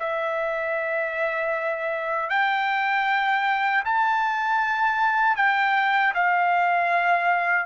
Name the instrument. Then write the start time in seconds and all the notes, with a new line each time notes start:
trumpet
0.00 E5
2.30 G5
3.85 A5
5.37 G5
6.15 F5